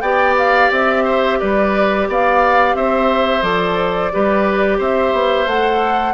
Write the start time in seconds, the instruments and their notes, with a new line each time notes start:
0.00 bassoon B3, clarinet G4, oboe D5, flute G5
0.37 flute F5
0.71 bassoon C4, flute E5
1.04 oboe C5
1.39 bassoon G3, oboe B4, flute D5
2.08 bassoon B3, oboe D5, flute F5
2.74 bassoon C4, oboe C5, flute E5
3.41 bassoon F3, clarinet A4, flute D5
4.12 bassoon G3, clarinet G4, oboe B4
4.77 bassoon C4, oboe C5, flute E5
5.12 bassoon B3
5.45 bassoon A3, clarinet A4, flute F#5